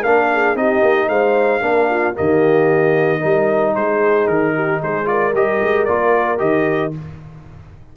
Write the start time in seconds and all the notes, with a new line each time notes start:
0.00 A#3 D4 A#4 F5
0.33 G#4
0.55 C4 D#4 G4 D#5
0.82 A#3
1.08 G#3 C5 F5
1.61 A#3 D4 A#4
1.89 F4
2.14 D#3 A#3 G4 D#5
3.20 G3 D#4 A#4
3.74 G#3 G#4 C5
4.27 D#3 A#4
4.55 G4
4.82 G#3 G#4 C5
5.05 F4 A#4 D5
5.33 G3 G4 D#5
5.61 G#3
5.85 A#3 F4 D5
6.38 D#3 G4 D#5